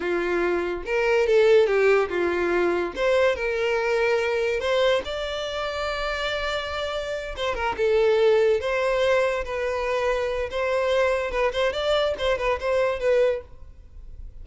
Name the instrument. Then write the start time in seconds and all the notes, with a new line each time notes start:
violin
0.00 F4
0.85 A#4
1.26 A4
1.66 G4
2.09 F4
2.95 C5
3.35 A#4
4.60 C5
5.04 D5
7.36 C5
7.54 A#4
7.77 A4
8.60 C5
9.44 B4
10.50 C5
11.31 B4
11.52 C5
11.72 D5
12.18 C5
12.38 B4
12.60 C5
12.99 B4